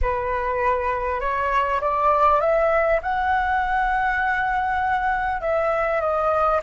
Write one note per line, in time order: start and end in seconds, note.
0.01 1.20 B4
1.20 1.80 C#5
1.80 2.40 D5
2.40 3.00 E5
3.02 5.41 F#5
5.41 6.00 E5
6.00 6.60 D#5